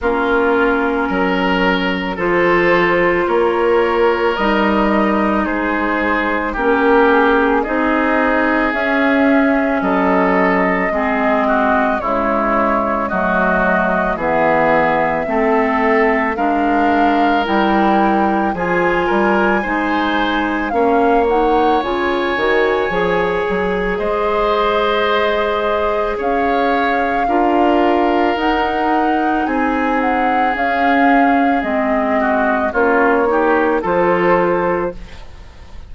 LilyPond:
<<
  \new Staff \with { instrumentName = "flute" } { \time 4/4 \tempo 4 = 55 ais'2 c''4 cis''4 | dis''4 c''4 ais'8 gis'8 dis''4 | e''4 dis''2 cis''4 | dis''4 e''2 f''4 |
g''4 gis''2 f''8 fis''8 | gis''2 dis''2 | f''2 fis''4 gis''8 fis''8 | f''4 dis''4 cis''4 c''4 | }
  \new Staff \with { instrumentName = "oboe" } { \time 4/4 f'4 ais'4 a'4 ais'4~ | ais'4 gis'4 g'4 gis'4~ | gis'4 a'4 gis'8 fis'8 e'4 | fis'4 gis'4 a'4 ais'4~ |
ais'4 gis'8 ais'8 c''4 cis''4~ | cis''2 c''2 | cis''4 ais'2 gis'4~ | gis'4. fis'8 f'8 g'8 a'4 | }
  \new Staff \with { instrumentName = "clarinet" } { \time 4/4 cis'2 f'2 | dis'2 cis'4 dis'4 | cis'2 c'4 gis4 | a4 b4 c'4 d'4 |
e'4 f'4 dis'4 cis'8 dis'8 | f'8 fis'8 gis'2.~ | gis'4 f'4 dis'2 | cis'4 c'4 cis'8 dis'8 f'4 | }
  \new Staff \with { instrumentName = "bassoon" } { \time 4/4 ais4 fis4 f4 ais4 | g4 gis4 ais4 c'4 | cis'4 fis4 gis4 cis4 | fis4 e4 a4 gis4 |
g4 f8 g8 gis4 ais4 | cis8 dis8 f8 fis8 gis2 | cis'4 d'4 dis'4 c'4 | cis'4 gis4 ais4 f4 | }
>>